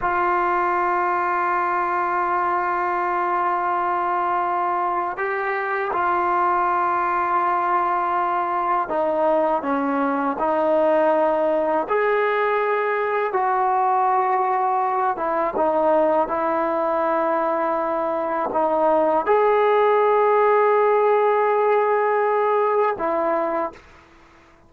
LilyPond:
\new Staff \with { instrumentName = "trombone" } { \time 4/4 \tempo 4 = 81 f'1~ | f'2. g'4 | f'1 | dis'4 cis'4 dis'2 |
gis'2 fis'2~ | fis'8 e'8 dis'4 e'2~ | e'4 dis'4 gis'2~ | gis'2. e'4 | }